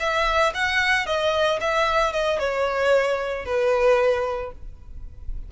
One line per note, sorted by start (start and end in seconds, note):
0.00 0.53 E5
0.54 1.07 F#5
1.07 1.60 D#5
1.61 2.13 E5
2.13 2.39 D#5
2.39 3.46 C#5
3.46 4.52 B4